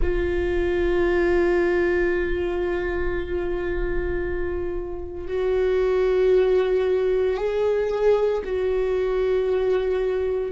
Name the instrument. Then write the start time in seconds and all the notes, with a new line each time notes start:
viola
0.01 F4
5.27 F#4
7.37 G#4
8.44 F#4